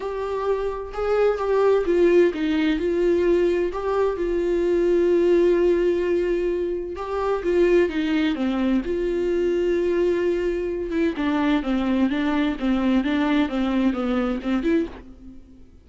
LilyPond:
\new Staff \with { instrumentName = "viola" } { \time 4/4 \tempo 4 = 129 g'2 gis'4 g'4 | f'4 dis'4 f'2 | g'4 f'2.~ | f'2. g'4 |
f'4 dis'4 c'4 f'4~ | f'2.~ f'8 e'8 | d'4 c'4 d'4 c'4 | d'4 c'4 b4 c'8 e'8 | }